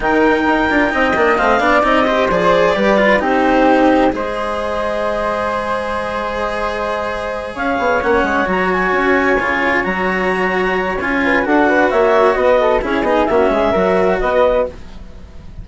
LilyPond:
<<
  \new Staff \with { instrumentName = "clarinet" } { \time 4/4 \tempo 4 = 131 g''2. f''4 | dis''4 d''2 c''4~ | c''4 dis''2.~ | dis''1~ |
dis''8 f''4 fis''4 ais''8 gis''4~ | gis''4. ais''2~ ais''8 | gis''4 fis''4 e''4 dis''4 | cis''8 dis''8 e''2 dis''4 | }
  \new Staff \with { instrumentName = "flute" } { \time 4/4 ais'2 dis''4. d''8~ | d''8 c''4. b'4 g'4~ | g'4 c''2.~ | c''1~ |
c''8 cis''2.~ cis''8~ | cis''1~ | cis''8 b'8 a'8 b'8 cis''4 b'8 a'8 | gis'4 fis'8 gis'8 ais'4 b'4 | }
  \new Staff \with { instrumentName = "cello" } { \time 4/4 dis'4. f'8 dis'8 d'8 c'8 d'8 | dis'8 g'8 gis'4 g'8 f'8 dis'4~ | dis'4 gis'2.~ | gis'1~ |
gis'4. cis'4 fis'4.~ | fis'8 f'4 fis'2~ fis'8 | f'4 fis'2. | e'8 dis'8 cis'4 fis'2 | }
  \new Staff \with { instrumentName = "bassoon" } { \time 4/4 dis4 dis'8 d'8 c'8 ais8 a8 b8 | c'4 f4 g4 c'4~ | c'4 gis2.~ | gis1~ |
gis8 cis'8 b8 ais8 gis8 fis4 cis'8~ | cis'8 cis4 fis2~ fis8 | cis'4 d'4 ais4 b4 | cis'8 b8 ais8 gis8 fis4 b4 | }
>>